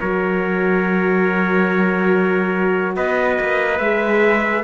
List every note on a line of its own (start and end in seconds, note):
0.00 2.96 F#3
0.00 3.83 F#4
0.00 2.96 A#4
0.00 2.96 C#5
2.96 3.39 B3
2.96 4.64 B4
2.96 3.79 D#5
3.40 3.79 A#3
3.79 4.64 G#3
3.79 4.64 G#4
3.79 4.63 E5